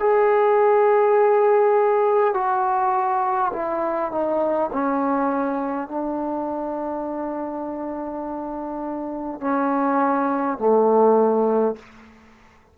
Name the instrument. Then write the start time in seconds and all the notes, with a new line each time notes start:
trombone
0.00 G#4
2.34 F#4
3.53 E4
4.12 D#4
4.73 C#4
5.89 D4
9.41 C#4
10.58 A3